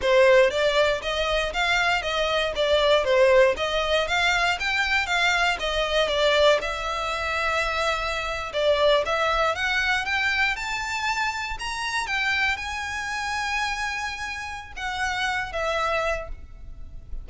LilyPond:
\new Staff \with { instrumentName = "violin" } { \time 4/4 \tempo 4 = 118 c''4 d''4 dis''4 f''4 | dis''4 d''4 c''4 dis''4 | f''4 g''4 f''4 dis''4 | d''4 e''2.~ |
e''8. d''4 e''4 fis''4 g''16~ | g''8. a''2 ais''4 g''16~ | g''8. gis''2.~ gis''16~ | gis''4 fis''4. e''4. | }